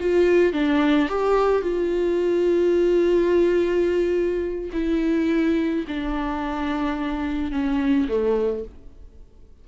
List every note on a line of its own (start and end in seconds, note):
0.00 0.53 F4
0.53 1.09 D4
1.09 1.62 G4
1.62 4.70 F4
4.73 5.85 E4
5.88 7.52 D4
7.52 8.08 C#4
8.08 8.65 A3